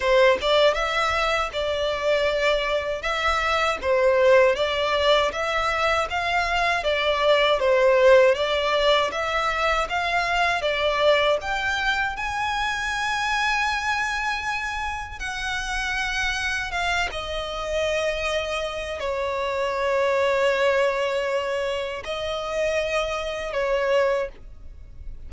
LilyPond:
\new Staff \with { instrumentName = "violin" } { \time 4/4 \tempo 4 = 79 c''8 d''8 e''4 d''2 | e''4 c''4 d''4 e''4 | f''4 d''4 c''4 d''4 | e''4 f''4 d''4 g''4 |
gis''1 | fis''2 f''8 dis''4.~ | dis''4 cis''2.~ | cis''4 dis''2 cis''4 | }